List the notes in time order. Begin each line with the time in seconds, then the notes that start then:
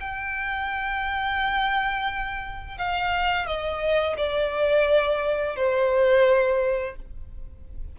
0.00 G5
2.78 F5
3.46 D#5
4.17 D5
5.56 C5